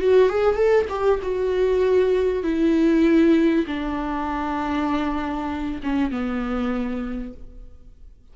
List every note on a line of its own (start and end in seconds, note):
0.00 0.29 F#4
0.29 0.55 G#4
0.55 0.85 A4
0.89 1.19 G4
1.22 2.43 F#4
2.43 3.65 E4
3.67 5.81 D4
5.83 6.11 C#4
6.11 7.33 B3